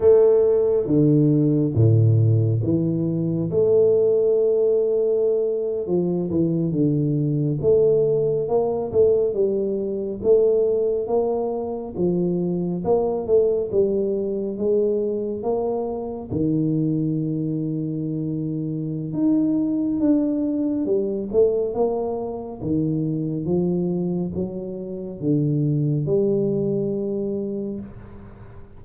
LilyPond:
\new Staff \with { instrumentName = "tuba" } { \time 4/4 \tempo 4 = 69 a4 d4 a,4 e4 | a2~ a8. f8 e8 d16~ | d8. a4 ais8 a8 g4 a16~ | a8. ais4 f4 ais8 a8 g16~ |
g8. gis4 ais4 dis4~ dis16~ | dis2 dis'4 d'4 | g8 a8 ais4 dis4 f4 | fis4 d4 g2 | }